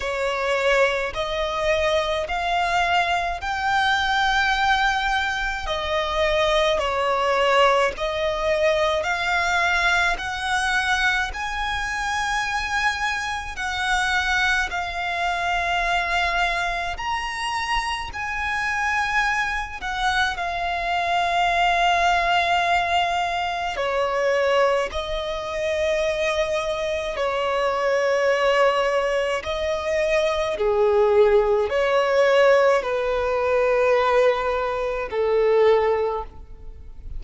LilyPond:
\new Staff \with { instrumentName = "violin" } { \time 4/4 \tempo 4 = 53 cis''4 dis''4 f''4 g''4~ | g''4 dis''4 cis''4 dis''4 | f''4 fis''4 gis''2 | fis''4 f''2 ais''4 |
gis''4. fis''8 f''2~ | f''4 cis''4 dis''2 | cis''2 dis''4 gis'4 | cis''4 b'2 a'4 | }